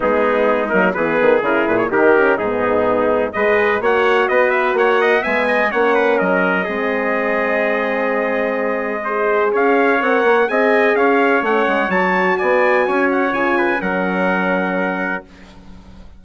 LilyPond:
<<
  \new Staff \with { instrumentName = "trumpet" } { \time 4/4 \tempo 4 = 126 gis'4. ais'8 b'4 ais'8 b'16 cis''16 | ais'4 gis'2 dis''4 | fis''4 dis''8 e''8 fis''4 gis''4 | fis''4 dis''2.~ |
dis''1 | f''4 fis''4 gis''4 f''4 | fis''4 a''4 gis''4. fis''8 | gis''4 fis''2. | }
  \new Staff \with { instrumentName = "trumpet" } { \time 4/4 dis'2 gis'2 | g'4 dis'2 b'4 | cis''4 b'4 cis''8 dis''8 e''8 dis''8 | cis''8 b'8 ais'4 gis'2~ |
gis'2. c''4 | cis''2 dis''4 cis''4~ | cis''2 d''4 cis''4~ | cis''8 b'8 ais'2. | }
  \new Staff \with { instrumentName = "horn" } { \time 4/4 b4. ais8 b4 e'4 | dis'8 cis'8 b2 gis'4 | fis'2. b4 | cis'2 c'2~ |
c'2. gis'4~ | gis'4 ais'4 gis'2 | cis'4 fis'2. | f'4 cis'2. | }
  \new Staff \with { instrumentName = "bassoon" } { \time 4/4 gis4. fis8 e8 dis8 cis8 ais,8 | dis4 gis,2 gis4 | ais4 b4 ais4 gis4 | ais4 fis4 gis2~ |
gis1 | cis'4 c'8 ais8 c'4 cis'4 | a8 gis8 fis4 b4 cis'4 | cis4 fis2. | }
>>